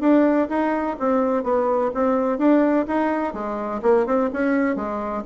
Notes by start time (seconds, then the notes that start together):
0.00 D4
0.49 D#4
0.99 C4
1.43 B3
1.94 C4
2.38 D4
2.87 D#4
3.33 G#3
3.82 A#3
4.06 C4
4.33 C#4
4.75 G#3